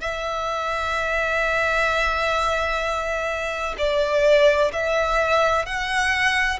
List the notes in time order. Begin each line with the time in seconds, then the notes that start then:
0.00 E5
3.78 D5
4.73 E5
5.65 F#5